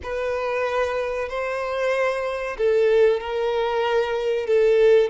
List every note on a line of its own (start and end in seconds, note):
0.02 1.29 B4
1.29 2.56 C5
2.57 3.20 A4
3.20 4.46 A#4
4.46 5.10 A4